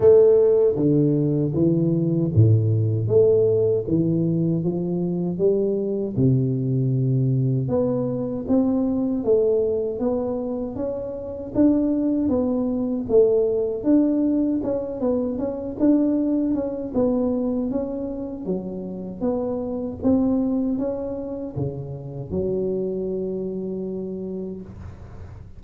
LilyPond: \new Staff \with { instrumentName = "tuba" } { \time 4/4 \tempo 4 = 78 a4 d4 e4 a,4 | a4 e4 f4 g4 | c2 b4 c'4 | a4 b4 cis'4 d'4 |
b4 a4 d'4 cis'8 b8 | cis'8 d'4 cis'8 b4 cis'4 | fis4 b4 c'4 cis'4 | cis4 fis2. | }